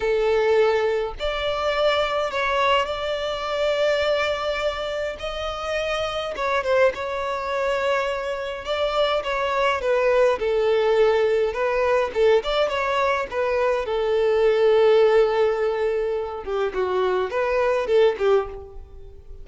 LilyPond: \new Staff \with { instrumentName = "violin" } { \time 4/4 \tempo 4 = 104 a'2 d''2 | cis''4 d''2.~ | d''4 dis''2 cis''8 c''8 | cis''2. d''4 |
cis''4 b'4 a'2 | b'4 a'8 d''8 cis''4 b'4 | a'1~ | a'8 g'8 fis'4 b'4 a'8 g'8 | }